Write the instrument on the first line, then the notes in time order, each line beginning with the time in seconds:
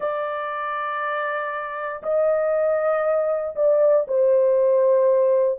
horn
0.00 D5
2.02 D#5
3.55 D5
4.07 C5